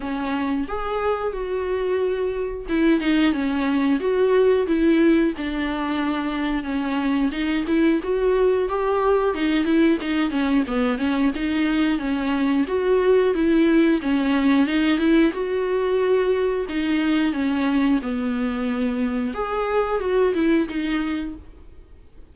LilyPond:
\new Staff \with { instrumentName = "viola" } { \time 4/4 \tempo 4 = 90 cis'4 gis'4 fis'2 | e'8 dis'8 cis'4 fis'4 e'4 | d'2 cis'4 dis'8 e'8 | fis'4 g'4 dis'8 e'8 dis'8 cis'8 |
b8 cis'8 dis'4 cis'4 fis'4 | e'4 cis'4 dis'8 e'8 fis'4~ | fis'4 dis'4 cis'4 b4~ | b4 gis'4 fis'8 e'8 dis'4 | }